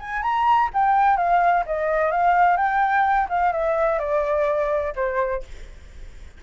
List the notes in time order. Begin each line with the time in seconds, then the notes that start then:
0.00 G#5
0.23 A#5
0.74 G5
1.17 F5
1.67 D#5
2.12 F5
2.57 G5
3.29 F5
3.53 E5
3.99 D5
4.96 C5